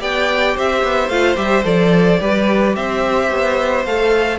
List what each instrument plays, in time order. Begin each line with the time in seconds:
0.00 cello B3, viola G4, violin D5 G5
0.55 cello C4, violin C5 E5
0.83 cello B3
1.09 cello A3, viola F4, violin F5
1.36 cello G3, viola G4, violin E5
1.64 cello F3, viola A4, violin D5
2.20 cello G3, viola G4, violin B4
2.75 cello C4, violin C5 E5
3.31 cello B3
3.85 cello A3, viola A4, violin F5